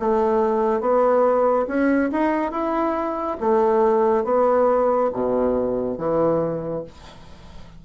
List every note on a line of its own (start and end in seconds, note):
0.00 0.81 A3
0.81 1.66 B3
1.68 2.11 C#4
2.12 2.52 D#4
2.52 3.37 E4
3.41 4.25 A3
4.25 5.10 B3
5.14 5.98 B2
5.98 6.84 E3